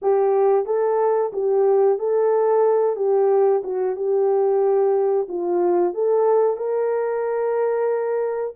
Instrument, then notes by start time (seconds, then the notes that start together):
horn
0.02 G4
0.65 A4
1.32 G4
1.98 A4
2.96 G4
3.63 F#4
3.96 G4
5.28 F4
5.93 A4
6.57 A#4